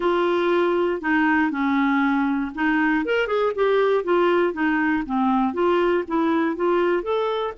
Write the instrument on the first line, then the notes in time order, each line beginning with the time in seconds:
clarinet
0.00 F4
1.01 D#4
1.51 C#4
2.55 D#4
3.05 A#4
3.27 G#4
3.55 G4
4.04 F4
4.53 D#4
5.06 C4
5.53 F4
6.07 E4
6.56 F4
7.02 A4